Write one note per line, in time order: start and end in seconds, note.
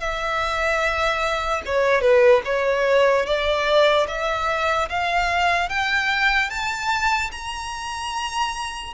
0.00 1.62 E5
1.66 2.02 C#5
2.02 2.42 B4
2.45 3.26 C#5
3.26 4.07 D5
4.08 4.89 E5
4.89 5.69 F5
5.69 6.50 G5
6.50 7.31 A5
7.32 8.94 A#5